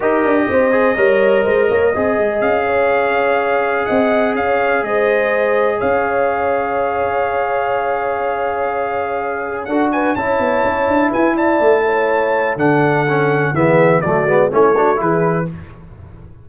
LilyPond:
<<
  \new Staff \with { instrumentName = "trumpet" } { \time 4/4 \tempo 4 = 124 dis''1~ | dis''4 f''2. | fis''4 f''4 dis''2 | f''1~ |
f''1 | fis''8 gis''8 a''2 gis''8 a''8~ | a''2 fis''2 | e''4 d''4 cis''4 b'4 | }
  \new Staff \with { instrumentName = "horn" } { \time 4/4 ais'4 c''4 cis''4 c''8 cis''8 | dis''4. cis''2~ cis''8 | dis''4 cis''4 c''2 | cis''1~ |
cis''1 | a'8 b'8 cis''2 b'8 d''8~ | d''8 cis''4. a'2 | gis'4 fis'4 e'8 fis'8 gis'4 | }
  \new Staff \with { instrumentName = "trombone" } { \time 4/4 g'4. gis'8 ais'2 | gis'1~ | gis'1~ | gis'1~ |
gis'1 | fis'4 e'2.~ | e'2 d'4 cis'4 | b4 a8 b8 cis'8 d'8 e'4 | }
  \new Staff \with { instrumentName = "tuba" } { \time 4/4 dis'8 d'8 c'4 g4 gis8 ais8 | c'8 gis8 cis'2. | c'4 cis'4 gis2 | cis'1~ |
cis'1 | d'4 cis'8 b8 cis'8 d'8 e'4 | a2 d2 | e4 fis8 gis8 a4 e4 | }
>>